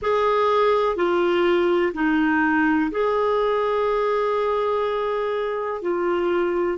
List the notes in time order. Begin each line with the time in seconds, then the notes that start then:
0.02 G#4
0.95 F4
1.94 D#4
2.91 G#4
5.81 F4